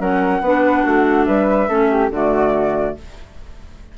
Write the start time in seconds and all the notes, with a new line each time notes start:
0.00 F#3 C#4 A#4 F#5
0.41 B3 D4 B4
0.84 A3 F#4
1.26 G3 B4 E5
1.68 A3 C#4 A4
1.91 G4
2.10 D3 A3 F#4 D5